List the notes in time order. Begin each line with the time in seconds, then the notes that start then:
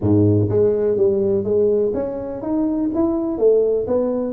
0.00 G#2
0.49 G#3
0.96 G3
1.44 G#3
1.94 C#4
2.41 D#4
2.94 E4
3.38 A3
3.87 B3